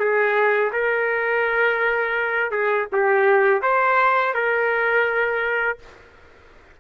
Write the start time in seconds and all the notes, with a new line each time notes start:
0.00 G#4
0.73 A#4
2.52 G#4
2.92 G4
3.62 C5
4.34 A#4